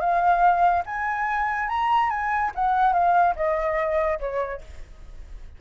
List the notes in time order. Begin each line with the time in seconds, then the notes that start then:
0.00 F5
0.86 G#5
1.69 A#5
2.10 G#5
2.55 F#5
2.93 F5
3.36 D#5
4.19 C#5